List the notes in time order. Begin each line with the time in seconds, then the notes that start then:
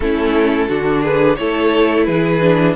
0.00 A3 C#4 E4 A4
0.68 D3 D4 F#4
1.01 G#4 B4
1.36 A3 E4 A4 C#5
2.04 E3 G#4 B4
2.41 D4